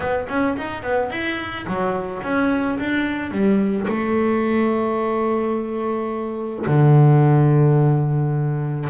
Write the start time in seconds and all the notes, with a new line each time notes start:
0.00 B3
0.29 C#4
0.57 D#4
0.82 B3
1.10 E4
1.66 F#3
2.22 C#4
2.79 D4
3.31 G3
3.87 A3
6.66 D3